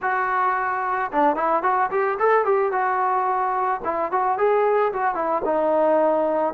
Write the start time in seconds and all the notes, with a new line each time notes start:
0.01 F#4
1.11 D4
1.36 E4
1.62 F#4
1.90 G4
2.19 A4
2.44 G4
2.71 F#4
3.84 E4
4.11 F#4
4.38 G#4
4.92 F#4
5.14 E4
5.44 D#4